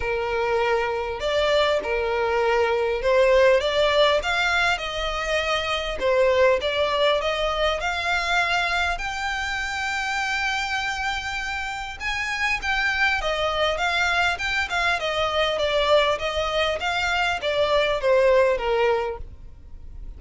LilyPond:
\new Staff \with { instrumentName = "violin" } { \time 4/4 \tempo 4 = 100 ais'2 d''4 ais'4~ | ais'4 c''4 d''4 f''4 | dis''2 c''4 d''4 | dis''4 f''2 g''4~ |
g''1 | gis''4 g''4 dis''4 f''4 | g''8 f''8 dis''4 d''4 dis''4 | f''4 d''4 c''4 ais'4 | }